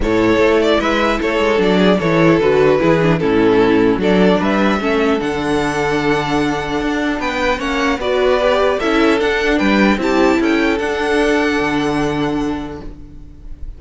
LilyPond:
<<
  \new Staff \with { instrumentName = "violin" } { \time 4/4 \tempo 4 = 150 cis''4. d''8 e''4 cis''4 | d''4 cis''4 b'2 | a'2 d''4 e''4~ | e''4 fis''2.~ |
fis''2 g''4 fis''4 | d''2 e''4 fis''4 | g''4 a''4 g''4 fis''4~ | fis''1 | }
  \new Staff \with { instrumentName = "violin" } { \time 4/4 a'2 b'4 a'4~ | a'8 gis'8 a'2 gis'4 | e'2 a'4 b'4 | a'1~ |
a'2 b'4 cis''4 | b'2 a'2 | b'4 g'4 a'2~ | a'1 | }
  \new Staff \with { instrumentName = "viola" } { \time 4/4 e'1 | d'4 e'4 fis'4 e'8 d'8 | cis'2 d'2 | cis'4 d'2.~ |
d'2. cis'4 | fis'4 g'4 e'4 d'4~ | d'4 e'2 d'4~ | d'1 | }
  \new Staff \with { instrumentName = "cello" } { \time 4/4 a,4 a4 gis4 a8 gis8 | fis4 e4 d4 e4 | a,2 fis4 g4 | a4 d2.~ |
d4 d'4 b4 ais4 | b2 cis'4 d'4 | g4 c'4 cis'4 d'4~ | d'4 d2. | }
>>